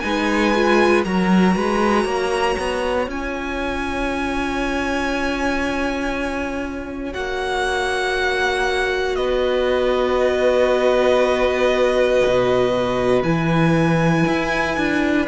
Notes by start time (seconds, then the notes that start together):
0.00 G#3 D#4 B4 G#5
0.54 F4
1.04 F#3 F#4 A#4 A#5
1.55 G#3 B4
2.05 A#3 C#5
2.58 B3
3.07 C#4 F4 G#5
7.13 A#3 F#4 F#5
9.15 B3 B4 D#5
12.26 B2
13.22 E3 E4 G#5
14.26 E4
14.77 D4